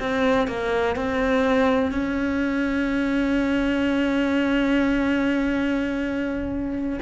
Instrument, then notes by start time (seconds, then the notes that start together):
cello
0.00 C4
0.48 A#3
0.96 C4
1.92 C#4